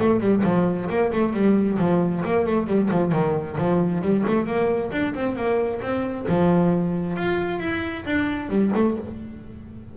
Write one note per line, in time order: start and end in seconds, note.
0.00 0.20 A3
0.20 0.43 G3
0.44 0.89 F3
0.90 1.12 A#3
1.13 1.34 A3
1.34 1.78 G3
1.79 2.23 F3
2.25 2.46 A#3
2.46 2.67 A3
2.67 2.90 G3
2.91 3.12 F3
3.12 3.57 D#3
3.58 4.02 F3
4.02 4.24 G3
4.27 4.47 A3
4.47 4.92 A#3
4.92 5.14 D4
5.15 5.36 C4
5.36 5.81 A#3
5.82 6.27 C4
6.29 7.16 F3
7.16 7.60 F4
7.60 8.05 E4
8.06 8.49 D4
8.49 8.72 G3
8.75 8.98 A3